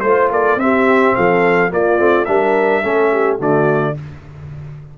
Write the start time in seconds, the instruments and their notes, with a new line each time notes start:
0.00 tuba A3, trombone F4, trumpet C5, horn C5
0.31 tuba A#3, horn A4, trumpet D5
0.56 tuba C4, trombone C4, trumpet E5
0.62 horn G4
1.15 tuba F3, horn A4, trumpet F5
1.70 trombone A#3, tuba A#3, horn F4, trumpet D5
1.97 tuba A3, trombone C4
2.25 tuba G3, trombone D4, horn A#4, trumpet E5
2.82 tuba A3, trombone C#4, horn A4
3.12 horn G4
3.38 tuba D3, trombone A3, horn F#4, trumpet D5